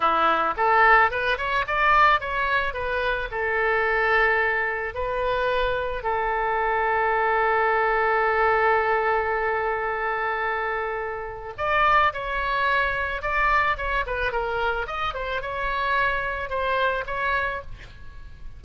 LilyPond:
\new Staff \with { instrumentName = "oboe" } { \time 4/4 \tempo 4 = 109 e'4 a'4 b'8 cis''8 d''4 | cis''4 b'4 a'2~ | a'4 b'2 a'4~ | a'1~ |
a'1~ | a'4 d''4 cis''2 | d''4 cis''8 b'8 ais'4 dis''8 c''8 | cis''2 c''4 cis''4 | }